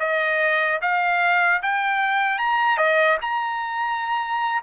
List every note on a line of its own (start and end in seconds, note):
0.00 0.80 D#5
0.82 1.62 F5
1.63 2.39 G5
2.39 2.78 A#5
2.78 3.18 D#5
3.22 4.62 A#5